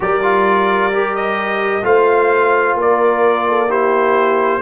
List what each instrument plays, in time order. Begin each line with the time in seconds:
0.00 tuba G3, trombone G4, horn A#4, trumpet D5
0.22 trombone F4
0.92 trombone G4
1.15 trumpet D#5
1.82 tuba A3, trombone F4, horn C5, trumpet F5
2.74 tuba A#3, horn A#4
2.80 trumpet D5
3.48 horn A4
3.68 trombone E4, horn G4, trumpet C5